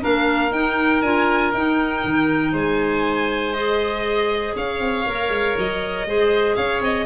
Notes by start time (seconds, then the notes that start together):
0.00 A#3 D4 A#4 F5
0.51 D#4 G5
1.01 D4 F4 G#5
1.52 D#4 G5
2.04 D#3
2.52 G#3 C5 G#5
3.53 G#4 D#5
4.55 C#4 C#5 F5
4.80 C4
5.06 A#3 A#4
5.29 G#3
5.57 F#3 D#5
6.05 G#3 G#4 C5
6.55 C#4 C#5 F5
6.81 C4 D#5